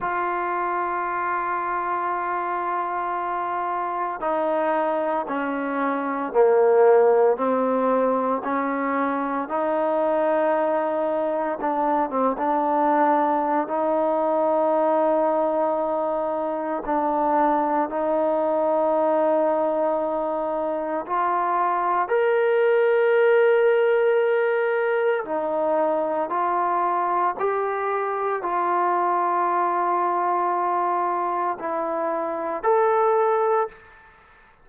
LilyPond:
\new Staff \with { instrumentName = "trombone" } { \time 4/4 \tempo 4 = 57 f'1 | dis'4 cis'4 ais4 c'4 | cis'4 dis'2 d'8 c'16 d'16~ | d'4 dis'2. |
d'4 dis'2. | f'4 ais'2. | dis'4 f'4 g'4 f'4~ | f'2 e'4 a'4 | }